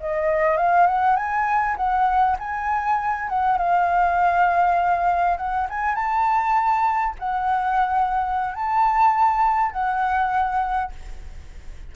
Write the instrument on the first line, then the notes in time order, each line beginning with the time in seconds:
flute
0.00 D#5
0.57 F5
0.86 F#5
1.16 G#5
1.76 F#5
2.39 G#5
3.29 F#5
3.58 F5
5.37 F#5
5.69 G#5
5.95 A5
7.19 F#5
8.54 A5
9.72 F#5